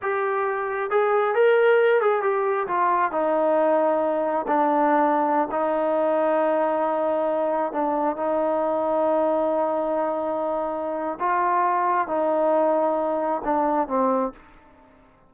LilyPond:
\new Staff \with { instrumentName = "trombone" } { \time 4/4 \tempo 4 = 134 g'2 gis'4 ais'4~ | ais'8 gis'8 g'4 f'4 dis'4~ | dis'2 d'2~ | d'16 dis'2.~ dis'8.~ |
dis'4~ dis'16 d'4 dis'4.~ dis'16~ | dis'1~ | dis'4 f'2 dis'4~ | dis'2 d'4 c'4 | }